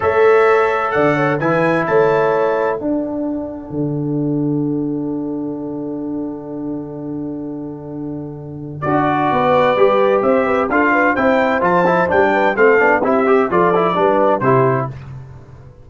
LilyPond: <<
  \new Staff \with { instrumentName = "trumpet" } { \time 4/4 \tempo 4 = 129 e''2 fis''4 gis''4 | a''2 fis''2~ | fis''1~ | fis''1~ |
fis''2. d''4~ | d''2 e''4 f''4 | g''4 a''4 g''4 f''4 | e''4 d''2 c''4 | }
  \new Staff \with { instrumentName = "horn" } { \time 4/4 cis''2 d''8 cis''8 b'4 | cis''2 a'2~ | a'1~ | a'1~ |
a'1 | b'2 c''8 b'8 a'8 b'8 | c''2~ c''8 b'8 a'4 | g'4 a'4 b'4 g'4 | }
  \new Staff \with { instrumentName = "trombone" } { \time 4/4 a'2. e'4~ | e'2 d'2~ | d'1~ | d'1~ |
d'2. fis'4~ | fis'4 g'2 f'4 | e'4 f'8 e'8 d'4 c'8 d'8 | e'8 g'8 f'8 e'8 d'4 e'4 | }
  \new Staff \with { instrumentName = "tuba" } { \time 4/4 a2 d4 e4 | a2 d'2 | d1~ | d1~ |
d2. d'4 | b4 g4 c'4 d'4 | c'4 f4 g4 a8 b8 | c'4 f4 g4 c4 | }
>>